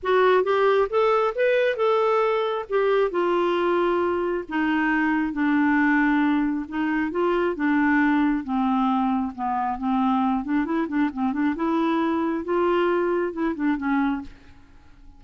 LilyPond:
\new Staff \with { instrumentName = "clarinet" } { \time 4/4 \tempo 4 = 135 fis'4 g'4 a'4 b'4 | a'2 g'4 f'4~ | f'2 dis'2 | d'2. dis'4 |
f'4 d'2 c'4~ | c'4 b4 c'4. d'8 | e'8 d'8 c'8 d'8 e'2 | f'2 e'8 d'8 cis'4 | }